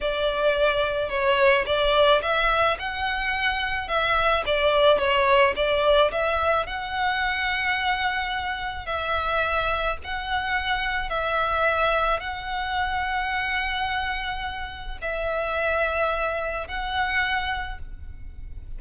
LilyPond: \new Staff \with { instrumentName = "violin" } { \time 4/4 \tempo 4 = 108 d''2 cis''4 d''4 | e''4 fis''2 e''4 | d''4 cis''4 d''4 e''4 | fis''1 |
e''2 fis''2 | e''2 fis''2~ | fis''2. e''4~ | e''2 fis''2 | }